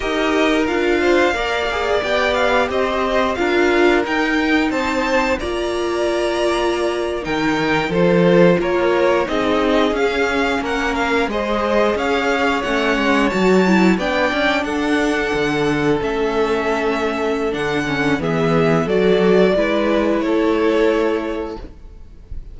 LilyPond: <<
  \new Staff \with { instrumentName = "violin" } { \time 4/4 \tempo 4 = 89 dis''4 f''2 g''8 f''8 | dis''4 f''4 g''4 a''4 | ais''2~ ais''8. g''4 c''16~ | c''8. cis''4 dis''4 f''4 fis''16~ |
fis''16 f''8 dis''4 f''4 fis''4 a''16~ | a''8. g''4 fis''2 e''16~ | e''2 fis''4 e''4 | d''2 cis''2 | }
  \new Staff \with { instrumentName = "violin" } { \time 4/4 ais'4. c''8 d''2 | c''4 ais'2 c''4 | d''2~ d''8. ais'4 a'16~ | a'8. ais'4 gis'2 ais'16~ |
ais'8. c''4 cis''2~ cis''16~ | cis''8. d''4 a'2~ a'16~ | a'2. gis'4 | a'4 b'4 a'2 | }
  \new Staff \with { instrumentName = "viola" } { \time 4/4 g'4 f'4 ais'8 gis'8 g'4~ | g'4 f'4 dis'2 | f'2~ f'8. dis'4 f'16~ | f'4.~ f'16 dis'4 cis'4~ cis'16~ |
cis'8. gis'2 cis'4 fis'16~ | fis'16 e'8 d'2. cis'16~ | cis'2 d'8 cis'8 b4 | fis'4 e'2. | }
  \new Staff \with { instrumentName = "cello" } { \time 4/4 dis'4 d'4 ais4 b4 | c'4 d'4 dis'4 c'4 | ais2~ ais8. dis4 f16~ | f8. ais4 c'4 cis'4 ais16~ |
ais8. gis4 cis'4 a8 gis8 fis16~ | fis8. b8 cis'8 d'4 d4 a16~ | a2 d4 e4 | fis4 gis4 a2 | }
>>